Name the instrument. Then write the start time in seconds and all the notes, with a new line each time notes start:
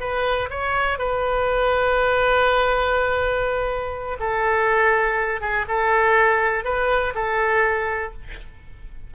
oboe
0.00 B4
0.50 C#5
0.98 B4
4.20 A4
5.41 G#4
5.68 A4
6.64 B4
7.15 A4